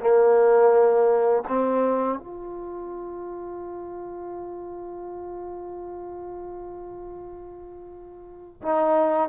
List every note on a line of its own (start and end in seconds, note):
0.00 1.43 A#3
1.48 2.19 C4
2.19 8.61 F4
8.62 9.29 D#4